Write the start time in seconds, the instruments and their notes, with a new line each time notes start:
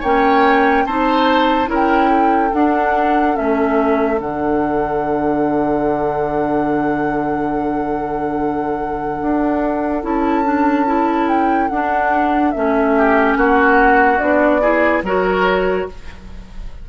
0.00 bassoon A#3, clarinet C#4, oboe C#5, flute G5
0.85 bassoon C4, clarinet D#4, oboe C5, flute A5
1.66 bassoon C#4, clarinet E4, oboe A#4
1.74 flute G5
2.10 oboe A4
2.53 bassoon D4, clarinet D4, flute F#5
3.34 bassoon A3, clarinet C#4, flute E5
4.17 bassoon D3, clarinet D4, flute F#5
9.22 bassoon D4
10.02 bassoon C#4, clarinet E4, flute A5
10.44 clarinet D4
10.86 clarinet E4
11.28 flute G5
11.68 bassoon D4, clarinet D4, flute F#5
12.51 bassoon A3, clarinet C#4, flute E5
12.98 oboe G4
13.36 bassoon A#3, oboe F#4, flute F#5
14.18 bassoon B3, clarinet D4, flute D5
14.61 clarinet E4, oboe G#4
15.02 bassoon F#3, clarinet F#4, oboe A#4, flute C#5